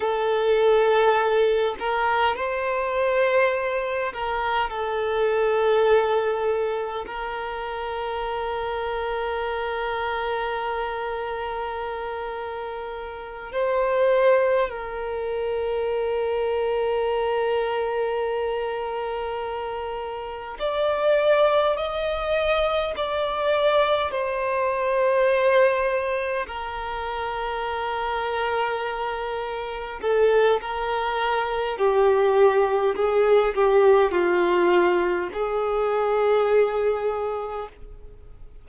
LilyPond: \new Staff \with { instrumentName = "violin" } { \time 4/4 \tempo 4 = 51 a'4. ais'8 c''4. ais'8 | a'2 ais'2~ | ais'2.~ ais'8 c''8~ | c''8 ais'2.~ ais'8~ |
ais'4. d''4 dis''4 d''8~ | d''8 c''2 ais'4.~ | ais'4. a'8 ais'4 g'4 | gis'8 g'8 f'4 gis'2 | }